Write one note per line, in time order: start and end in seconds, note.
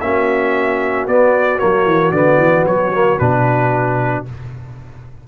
0.00 1.06 A#3
0.00 1.08 C#4
0.00 4.27 F#4
0.00 1.06 E5
1.06 1.60 B3
1.06 1.59 B3
1.06 1.59 D5
1.59 1.85 F#3
1.59 2.12 A#3
1.59 2.11 C#5
1.85 2.11 E3
2.11 2.38 D3
2.11 2.92 B3
2.11 2.64 D5
2.38 2.64 E3
2.65 3.18 F#3
2.65 3.18 C#5
2.93 3.19 A#3
3.18 4.26 B2
3.18 4.25 D4
3.18 4.25 B4